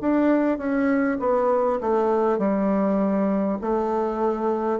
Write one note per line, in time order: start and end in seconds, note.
0.00 0.58 D4
0.58 1.18 C#4
1.19 1.79 B3
1.81 2.38 A3
2.38 3.58 G3
3.61 4.79 A3